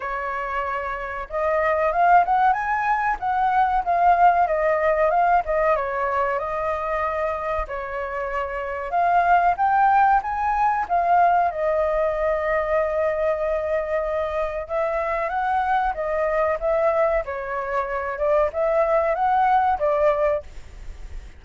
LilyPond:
\new Staff \with { instrumentName = "flute" } { \time 4/4 \tempo 4 = 94 cis''2 dis''4 f''8 fis''8 | gis''4 fis''4 f''4 dis''4 | f''8 dis''8 cis''4 dis''2 | cis''2 f''4 g''4 |
gis''4 f''4 dis''2~ | dis''2. e''4 | fis''4 dis''4 e''4 cis''4~ | cis''8 d''8 e''4 fis''4 d''4 | }